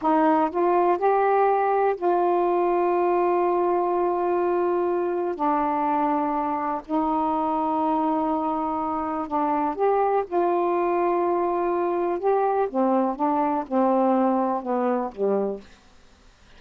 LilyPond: \new Staff \with { instrumentName = "saxophone" } { \time 4/4 \tempo 4 = 123 dis'4 f'4 g'2 | f'1~ | f'2. d'4~ | d'2 dis'2~ |
dis'2. d'4 | g'4 f'2.~ | f'4 g'4 c'4 d'4 | c'2 b4 g4 | }